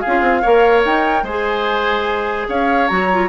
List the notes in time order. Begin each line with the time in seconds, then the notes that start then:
0.00 G#4 F5
0.07 C#4 F4
0.21 C4
0.42 A#3 A#4 C#5
0.85 D#4 G5
1.23 G#3 C5 G#5
1.30 G#4
2.49 C#4 C#5 F5
2.88 F#3 F#4 A#5
3.12 F4